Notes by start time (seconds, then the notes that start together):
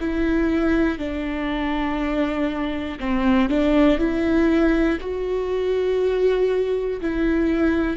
0.00 E4
0.99 D4
3.00 C4
3.50 D4
3.99 E4
5.00 F#4
7.01 E4